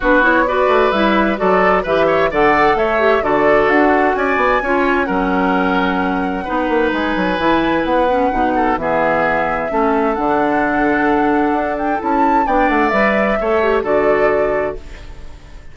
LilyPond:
<<
  \new Staff \with { instrumentName = "flute" } { \time 4/4 \tempo 4 = 130 b'8 cis''8 d''4 e''4 d''4 | e''4 fis''4 e''4 d''4 | fis''4 gis''2 fis''4~ | fis''2. gis''4~ |
gis''4 fis''2 e''4~ | e''2 fis''2~ | fis''4. g''8 a''4 g''8 fis''8 | e''2 d''2 | }
  \new Staff \with { instrumentName = "oboe" } { \time 4/4 fis'4 b'2 a'4 | b'8 cis''8 d''4 cis''4 a'4~ | a'4 d''4 cis''4 ais'4~ | ais'2 b'2~ |
b'2~ b'8 a'8 gis'4~ | gis'4 a'2.~ | a'2. d''4~ | d''4 cis''4 a'2 | }
  \new Staff \with { instrumentName = "clarinet" } { \time 4/4 d'8 e'8 fis'4 e'4 fis'4 | g'4 a'4. g'8 fis'4~ | fis'2 f'4 cis'4~ | cis'2 dis'2 |
e'4. cis'8 dis'4 b4~ | b4 cis'4 d'2~ | d'2 e'4 d'4 | b'4 a'8 g'8 fis'2 | }
  \new Staff \with { instrumentName = "bassoon" } { \time 4/4 b4. a8 g4 fis4 | e4 d4 a4 d4 | d'4 cis'8 b8 cis'4 fis4~ | fis2 b8 ais8 gis8 fis8 |
e4 b4 b,4 e4~ | e4 a4 d2~ | d4 d'4 cis'4 b8 a8 | g4 a4 d2 | }
>>